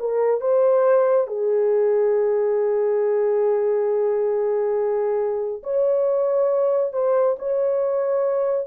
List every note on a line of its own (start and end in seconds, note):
0.00 0.41 A#4
0.41 1.27 C5
1.27 5.62 G#4
5.64 6.93 C#5
6.93 7.37 C5
7.39 8.67 C#5